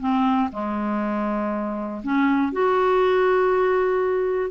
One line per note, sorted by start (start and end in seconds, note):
0.00 0.50 C4
0.52 2.02 G#3
2.03 2.52 C#4
2.52 4.50 F#4